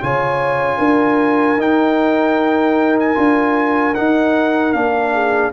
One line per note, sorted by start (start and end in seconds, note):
0.00 0.78 C#3
0.00 1.58 F4
0.00 0.78 C#5
0.00 1.61 G#5
0.78 1.57 D4
0.78 5.12 A#4
1.57 3.15 D#4
1.57 2.99 G5
3.00 3.95 G#5
3.15 3.96 D4
3.15 3.94 F4
3.95 4.74 D#4
3.95 4.73 F#5
4.73 5.53 A#3
4.73 5.53 D4
4.73 5.52 F5
5.13 5.53 G#4